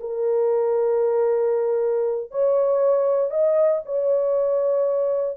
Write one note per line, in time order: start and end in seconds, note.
0.00 2.31 A#4
2.31 3.31 C#5
3.31 3.82 D#5
3.85 5.37 C#5